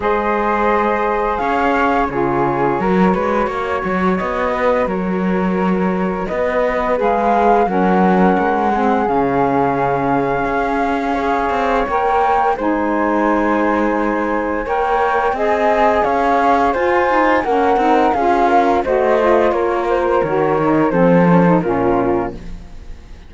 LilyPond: <<
  \new Staff \with { instrumentName = "flute" } { \time 4/4 \tempo 4 = 86 dis''2 f''4 cis''4~ | cis''2 dis''4 cis''4~ | cis''4 dis''4 f''4 fis''4~ | fis''4 f''2.~ |
f''4 g''4 gis''2~ | gis''4 g''4 gis''4 f''4 | gis''4 fis''4 f''4 dis''4 | cis''8 c''8 cis''4 c''4 ais'4 | }
  \new Staff \with { instrumentName = "flute" } { \time 4/4 c''2 cis''4 gis'4 | ais'8 b'8 cis''4. b'8 ais'4~ | ais'4 b'2 ais'4~ | ais'8 gis'2.~ gis'8 |
cis''2 c''2~ | c''4 cis''4 dis''4 cis''4 | c''4 ais'4 gis'8 ais'8 c''4 | ais'2 a'4 f'4 | }
  \new Staff \with { instrumentName = "saxophone" } { \time 4/4 gis'2. f'4 | fis'1~ | fis'2 gis'4 cis'4~ | cis'8 c'8 cis'2. |
gis'4 ais'4 dis'2~ | dis'4 ais'4 gis'2 | f'8 dis'8 cis'8 dis'8 f'4 fis'8 f'8~ | f'4 fis'8 dis'8 c'8 cis'16 dis'16 cis'4 | }
  \new Staff \with { instrumentName = "cello" } { \time 4/4 gis2 cis'4 cis4 | fis8 gis8 ais8 fis8 b4 fis4~ | fis4 b4 gis4 fis4 | gis4 cis2 cis'4~ |
cis'8 c'8 ais4 gis2~ | gis4 ais4 c'4 cis'4 | f'4 ais8 c'8 cis'4 a4 | ais4 dis4 f4 ais,4 | }
>>